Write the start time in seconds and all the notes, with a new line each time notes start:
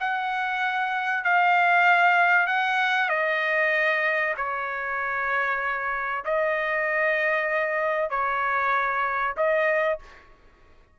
0.00 F#5
1.24 F5
2.47 F#5
3.09 D#5
4.37 C#5
6.25 D#5
8.10 C#5
9.37 D#5